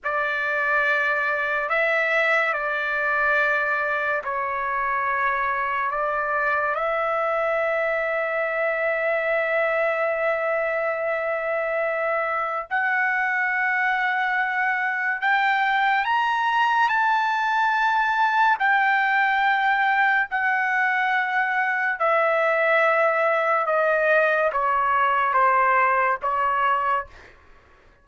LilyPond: \new Staff \with { instrumentName = "trumpet" } { \time 4/4 \tempo 4 = 71 d''2 e''4 d''4~ | d''4 cis''2 d''4 | e''1~ | e''2. fis''4~ |
fis''2 g''4 ais''4 | a''2 g''2 | fis''2 e''2 | dis''4 cis''4 c''4 cis''4 | }